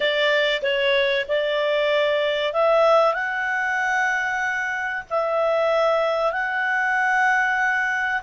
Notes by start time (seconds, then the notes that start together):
0.00 D5
0.62 C#5
1.28 D5
2.53 E5
3.13 F#5
5.10 E5
6.32 F#5